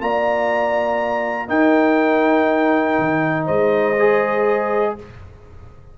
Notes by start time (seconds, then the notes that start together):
0.00 A#3 F4 D5 A#5
1.48 D#4 A#4 G5
2.99 D#3
3.45 G#3 C5 D#5
3.99 G#4